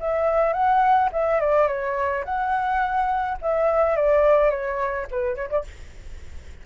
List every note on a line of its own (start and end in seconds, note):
0.00 0.53 E5
0.53 1.10 F#5
1.12 1.40 E5
1.40 1.68 D5
1.68 2.24 C#5
2.25 3.38 F#5
3.42 3.96 E5
3.96 4.50 D5
4.50 5.07 C#5
5.11 5.36 B4
5.36 5.50 C#5
5.50 5.64 D5